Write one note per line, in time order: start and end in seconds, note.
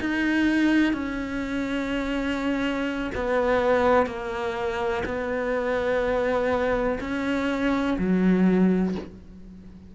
0.00 0.93 D#4
0.93 3.11 C#4
3.15 4.06 B3
4.06 5.03 A#3
5.05 6.99 B3
7.01 7.98 C#4
7.98 8.95 F#3